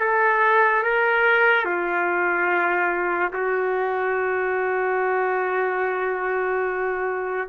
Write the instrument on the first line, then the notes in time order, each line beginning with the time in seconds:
trumpet
0.00 A4
0.83 A#4
1.65 F4
3.33 F#4